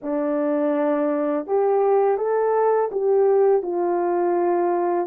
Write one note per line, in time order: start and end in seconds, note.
0.02 1.46 D4
1.46 2.17 G4
2.17 2.89 A4
2.91 3.62 G4
3.62 5.06 F4